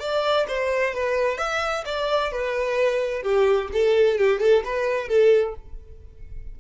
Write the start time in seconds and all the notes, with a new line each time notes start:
0.00 D5
0.48 C5
0.94 B4
1.38 E5
1.86 D5
2.32 B4
3.23 G4
3.73 A4
4.18 G4
4.41 A4
4.65 B4
5.08 A4